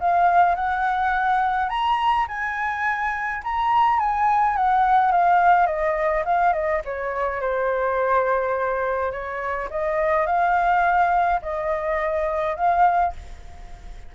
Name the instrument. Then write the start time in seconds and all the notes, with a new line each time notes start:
flute
0.00 F5
0.55 F#5
1.69 A#5
2.28 G#5
3.43 A#5
3.99 G#5
4.56 F#5
5.11 F5
5.66 D#5
6.25 F5
6.53 D#5
6.85 C#5
7.41 C5
9.11 C#5
9.70 D#5
10.26 F5
11.42 D#5
12.56 F5